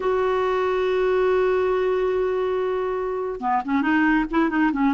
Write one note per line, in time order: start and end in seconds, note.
0.00 3.40 F#4
3.40 3.62 B3
3.65 3.82 C#4
3.82 4.24 D#4
4.30 4.49 E4
4.49 4.71 D#4
4.72 4.93 C#4